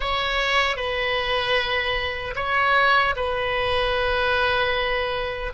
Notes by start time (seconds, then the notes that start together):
0.00 C#5
0.76 B4
2.35 C#5
3.16 B4